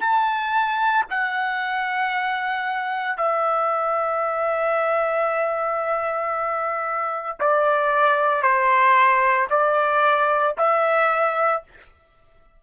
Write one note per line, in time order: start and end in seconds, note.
0.00 1.05 A5
1.10 3.17 F#5
3.17 7.38 E5
7.40 8.43 D5
8.43 9.48 C5
9.50 10.55 D5
10.57 11.63 E5